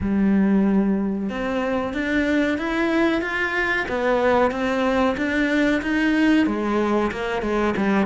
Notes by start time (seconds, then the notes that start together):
0.00 G3
1.29 C4
1.93 D4
2.58 E4
3.21 F4
3.88 B3
4.51 C4
5.17 D4
5.82 D#4
6.46 G#3
7.11 A#3
7.42 G#3
7.76 G3